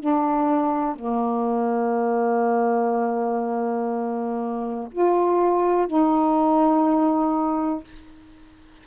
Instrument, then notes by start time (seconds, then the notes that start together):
saxophone
0.00 D4
0.96 A#3
4.92 F4
5.87 D#4